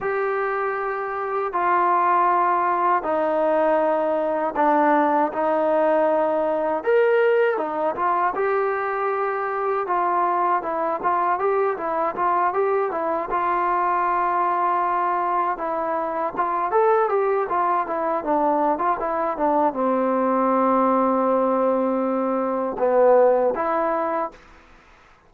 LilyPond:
\new Staff \with { instrumentName = "trombone" } { \time 4/4 \tempo 4 = 79 g'2 f'2 | dis'2 d'4 dis'4~ | dis'4 ais'4 dis'8 f'8 g'4~ | g'4 f'4 e'8 f'8 g'8 e'8 |
f'8 g'8 e'8 f'2~ f'8~ | f'8 e'4 f'8 a'8 g'8 f'8 e'8 | d'8. f'16 e'8 d'8 c'2~ | c'2 b4 e'4 | }